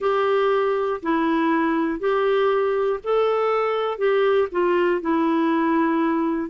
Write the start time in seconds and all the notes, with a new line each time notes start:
0.00 G4
1.02 E4
1.99 G4
3.03 A4
3.98 G4
4.51 F4
5.01 E4